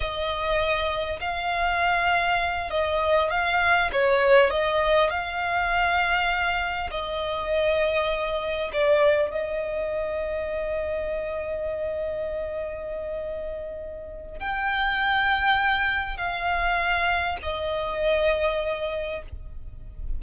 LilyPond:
\new Staff \with { instrumentName = "violin" } { \time 4/4 \tempo 4 = 100 dis''2 f''2~ | f''8 dis''4 f''4 cis''4 dis''8~ | dis''8 f''2. dis''8~ | dis''2~ dis''8 d''4 dis''8~ |
dis''1~ | dis''1 | g''2. f''4~ | f''4 dis''2. | }